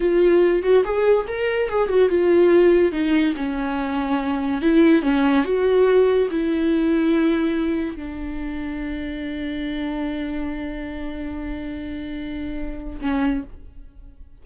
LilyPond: \new Staff \with { instrumentName = "viola" } { \time 4/4 \tempo 4 = 143 f'4. fis'8 gis'4 ais'4 | gis'8 fis'8 f'2 dis'4 | cis'2. e'4 | cis'4 fis'2 e'4~ |
e'2. d'4~ | d'1~ | d'1~ | d'2. cis'4 | }